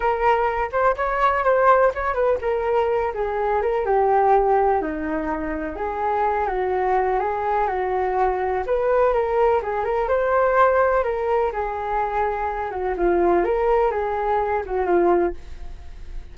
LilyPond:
\new Staff \with { instrumentName = "flute" } { \time 4/4 \tempo 4 = 125 ais'4. c''8 cis''4 c''4 | cis''8 b'8 ais'4. gis'4 ais'8 | g'2 dis'2 | gis'4. fis'4. gis'4 |
fis'2 b'4 ais'4 | gis'8 ais'8 c''2 ais'4 | gis'2~ gis'8 fis'8 f'4 | ais'4 gis'4. fis'8 f'4 | }